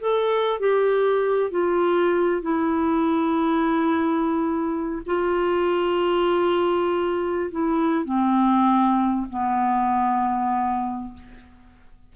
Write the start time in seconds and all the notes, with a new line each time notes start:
0.00 A4
0.59 G4
1.51 F4
2.42 E4
5.06 F4
7.51 E4
8.05 C4
9.29 B3